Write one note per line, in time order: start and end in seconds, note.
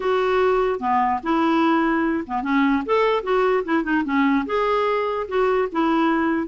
0.00 0.79 F#4
0.79 1.20 B3
1.23 2.24 E4
2.26 2.42 B3
2.42 2.83 C#4
2.85 3.23 A4
3.23 3.63 F#4
3.64 3.83 E4
3.83 4.03 D#4
4.04 4.45 C#4
4.45 5.26 G#4
5.28 5.68 F#4
5.72 6.47 E4